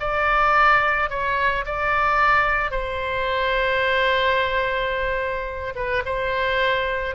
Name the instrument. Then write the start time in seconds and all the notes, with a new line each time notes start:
oboe
0.00 D5
1.10 C#5
1.66 D5
2.71 C5
5.75 B4
6.06 C5